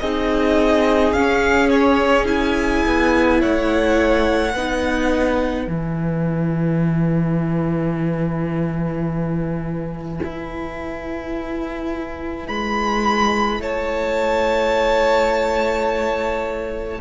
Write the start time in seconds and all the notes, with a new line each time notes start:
0.00 C4 D#4 G#4 D#5
1.13 C#4 F5
1.70 C#5
2.26 E4 G#5
2.86 B3
3.41 A3 C#5 F#5
4.54 B3 D#4 B4
5.68 E3 E4 G#5
10.24 E4
12.48 G#3 B5
13.60 A3 C#5 A5